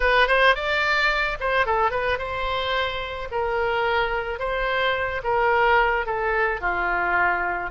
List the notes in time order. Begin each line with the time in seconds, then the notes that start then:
0.00 B4
0.27 C5
0.55 D5
1.40 C5
1.66 A4
1.91 B4
2.18 C5
3.31 A#4
4.39 C5
5.23 A#4
6.06 A4
6.60 F4